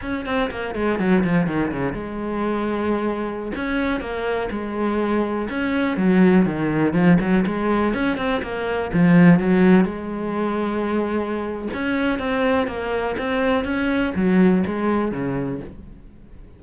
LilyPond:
\new Staff \with { instrumentName = "cello" } { \time 4/4 \tempo 4 = 123 cis'8 c'8 ais8 gis8 fis8 f8 dis8 cis8 | gis2.~ gis16 cis'8.~ | cis'16 ais4 gis2 cis'8.~ | cis'16 fis4 dis4 f8 fis8 gis8.~ |
gis16 cis'8 c'8 ais4 f4 fis8.~ | fis16 gis2.~ gis8. | cis'4 c'4 ais4 c'4 | cis'4 fis4 gis4 cis4 | }